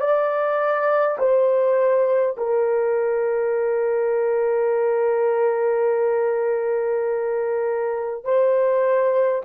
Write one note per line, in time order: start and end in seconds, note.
0.00 1.18 D5
1.19 2.37 C5
2.38 8.25 A#4
8.25 9.43 C5